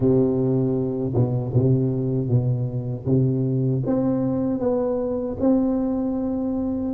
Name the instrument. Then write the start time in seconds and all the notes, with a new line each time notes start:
tuba
0.00 C3
1.14 B2
1.53 C3
2.28 B2
3.05 C3
3.86 C4
4.59 B3
5.40 C4